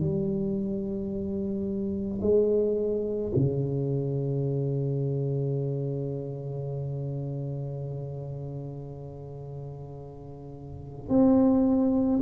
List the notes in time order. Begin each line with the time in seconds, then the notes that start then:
0.00 G3
2.21 G#3
3.36 C#3
11.09 C4